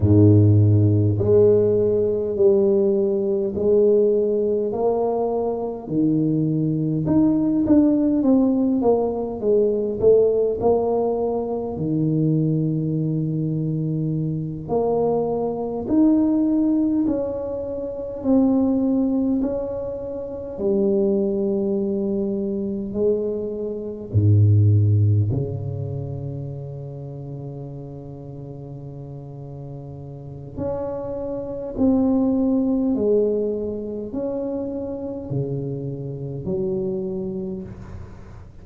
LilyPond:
\new Staff \with { instrumentName = "tuba" } { \time 4/4 \tempo 4 = 51 gis,4 gis4 g4 gis4 | ais4 dis4 dis'8 d'8 c'8 ais8 | gis8 a8 ais4 dis2~ | dis8 ais4 dis'4 cis'4 c'8~ |
c'8 cis'4 g2 gis8~ | gis8 gis,4 cis2~ cis8~ | cis2 cis'4 c'4 | gis4 cis'4 cis4 fis4 | }